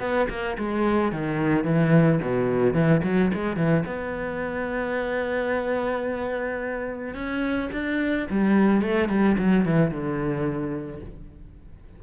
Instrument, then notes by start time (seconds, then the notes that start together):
cello
0.00 B3
0.30 A#3
0.58 G#3
1.12 D#3
1.65 E3
2.22 B2
2.73 E3
3.04 F#3
3.34 G#3
3.57 E3
3.86 B3
7.14 C#4
7.72 D4
8.30 G3
8.82 A3
9.09 G3
9.38 F#3
9.65 E3
9.91 D3